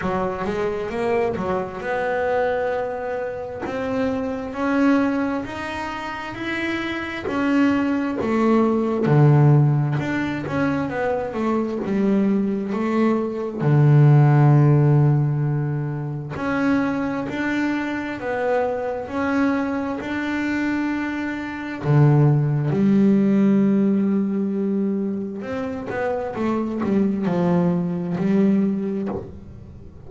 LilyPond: \new Staff \with { instrumentName = "double bass" } { \time 4/4 \tempo 4 = 66 fis8 gis8 ais8 fis8 b2 | c'4 cis'4 dis'4 e'4 | cis'4 a4 d4 d'8 cis'8 | b8 a8 g4 a4 d4~ |
d2 cis'4 d'4 | b4 cis'4 d'2 | d4 g2. | c'8 b8 a8 g8 f4 g4 | }